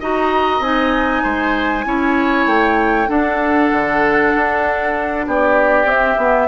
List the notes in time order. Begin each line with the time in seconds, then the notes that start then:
0.00 D#4 F#4 D#5 A#5
0.60 C4 D#4 G#5
1.23 G#3 C5
1.85 C#4 E4 C#5
2.46 A3 G5
3.08 D4 A4 F#5
3.72 D3
4.36 D4
5.27 B3 G4 D5
5.85 C4 E5
6.18 B3